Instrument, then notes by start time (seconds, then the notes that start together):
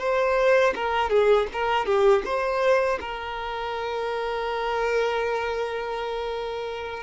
violin
0.00 C5
0.76 A#4
1.10 G#4
1.53 A#4
1.86 G4
2.25 C5
3.01 A#4